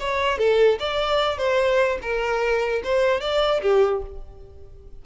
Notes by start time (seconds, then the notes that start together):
0.00 C#5
0.39 A4
0.80 D5
1.38 C5
2.02 A#4
2.84 C5
3.21 D5
3.62 G4